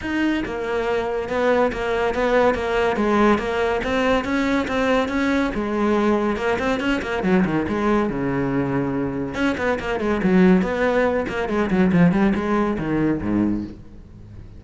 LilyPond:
\new Staff \with { instrumentName = "cello" } { \time 4/4 \tempo 4 = 141 dis'4 ais2 b4 | ais4 b4 ais4 gis4 | ais4 c'4 cis'4 c'4 | cis'4 gis2 ais8 c'8 |
cis'8 ais8 fis8 dis8 gis4 cis4~ | cis2 cis'8 b8 ais8 gis8 | fis4 b4. ais8 gis8 fis8 | f8 g8 gis4 dis4 gis,4 | }